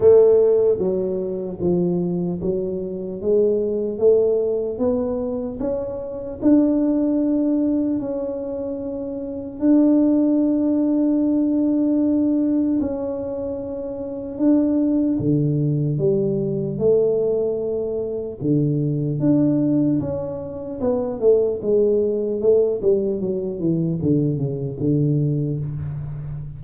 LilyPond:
\new Staff \with { instrumentName = "tuba" } { \time 4/4 \tempo 4 = 75 a4 fis4 f4 fis4 | gis4 a4 b4 cis'4 | d'2 cis'2 | d'1 |
cis'2 d'4 d4 | g4 a2 d4 | d'4 cis'4 b8 a8 gis4 | a8 g8 fis8 e8 d8 cis8 d4 | }